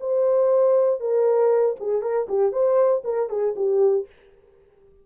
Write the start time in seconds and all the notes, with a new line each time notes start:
0.00 C5
1.00 A#4
1.80 G#4
2.02 A#4
2.28 G4
2.52 C5
3.04 A#4
3.29 G#4
3.56 G4